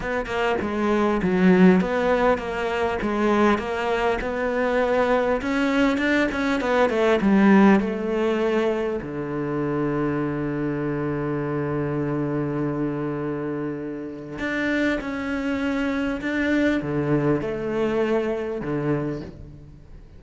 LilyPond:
\new Staff \with { instrumentName = "cello" } { \time 4/4 \tempo 4 = 100 b8 ais8 gis4 fis4 b4 | ais4 gis4 ais4 b4~ | b4 cis'4 d'8 cis'8 b8 a8 | g4 a2 d4~ |
d1~ | d1 | d'4 cis'2 d'4 | d4 a2 d4 | }